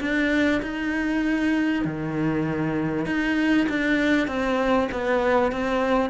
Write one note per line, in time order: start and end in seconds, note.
0.00 0.61 D4
0.62 1.84 D#4
1.84 3.06 D#3
3.06 3.67 D#4
3.69 4.27 D4
4.27 4.89 C4
4.91 5.52 B3
5.52 6.10 C4